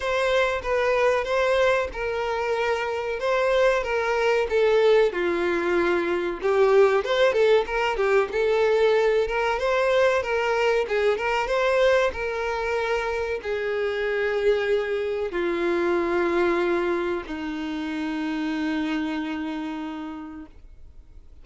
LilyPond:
\new Staff \with { instrumentName = "violin" } { \time 4/4 \tempo 4 = 94 c''4 b'4 c''4 ais'4~ | ais'4 c''4 ais'4 a'4 | f'2 g'4 c''8 a'8 | ais'8 g'8 a'4. ais'8 c''4 |
ais'4 gis'8 ais'8 c''4 ais'4~ | ais'4 gis'2. | f'2. dis'4~ | dis'1 | }